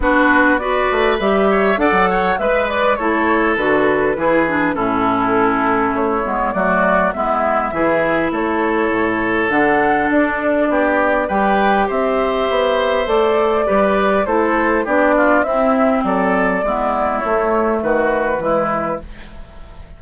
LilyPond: <<
  \new Staff \with { instrumentName = "flute" } { \time 4/4 \tempo 4 = 101 b'4 d''4 e''4 fis''4 | e''8 d''8 cis''4 b'2 | a'2 cis''4 d''4 | e''2 cis''2 |
fis''4 d''2 g''4 | e''2 d''2 | c''4 d''4 e''4 d''4~ | d''4 cis''4 b'2 | }
  \new Staff \with { instrumentName = "oboe" } { \time 4/4 fis'4 b'4. cis''8 d''8 cis''8 | b'4 a'2 gis'4 | e'2. fis'4 | e'4 gis'4 a'2~ |
a'2 g'4 b'4 | c''2. b'4 | a'4 g'8 f'8 e'4 a'4 | e'2 fis'4 e'4 | }
  \new Staff \with { instrumentName = "clarinet" } { \time 4/4 d'4 fis'4 g'4 a'4 | b'4 e'4 fis'4 e'8 d'8 | cis'2~ cis'8 b8 a4 | b4 e'2. |
d'2. g'4~ | g'2 a'4 g'4 | e'4 d'4 c'2 | b4 a2 gis4 | }
  \new Staff \with { instrumentName = "bassoon" } { \time 4/4 b4. a8 g4 d'16 fis8. | gis4 a4 d4 e4 | a,2 a8 gis8 fis4 | gis4 e4 a4 a,4 |
d4 d'4 b4 g4 | c'4 b4 a4 g4 | a4 b4 c'4 fis4 | gis4 a4 dis4 e4 | }
>>